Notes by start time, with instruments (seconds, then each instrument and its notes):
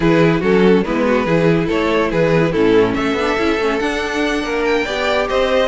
0.00 cello E3, viola E4, violin G#4 B4
0.40 cello F#3, viola C#4, violin F#4 A4
0.84 cello G#3, viola B3, violin E4 B4
1.06 violin F#4
1.25 cello E3, viola E4, violin G#4
1.67 cello A3, violin A4 C#5
2.11 cello E3, violin G#4 B4
2.34 viola B3
2.40 viola E4
2.51 cello A2, viola C#4, violin E4 A4
2.94 cello A3, violin A4 E5
3.13 cello B3, viola D4
3.38 cello C#4, viola E4
3.58 cello A3, viola C#4
3.78 cello D4, viola D4, violin F#5
4.43 cello A#3, violin A#4
4.64 violin G5
4.85 cello B3, viola G4, violin D5
5.29 cello C4, violin C5 D#5